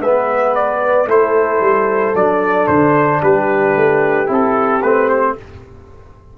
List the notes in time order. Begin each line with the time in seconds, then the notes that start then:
0.00 G#3 B3 B4 E5
0.55 D5
1.06 A3 E4 A4 C5
1.60 G3
2.15 F#3 D4 D5
2.67 D3 C5
3.22 G3 G4 B4
3.76 A3
4.27 C4 E4 A4
4.82 A3 C4 B4
5.09 C5